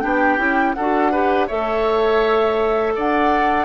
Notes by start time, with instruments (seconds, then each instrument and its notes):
0.00 bassoon B3, clarinet D4, oboe G4, flute G5
0.38 bassoon C#4, clarinet E4
0.74 bassoon D4, oboe A4, flute F#5
0.81 clarinet F#4
1.12 clarinet G4, oboe B4
1.48 bassoon A3, clarinet A4, oboe C#5, flute E5
2.96 bassoon D4, oboe D5, flute F#5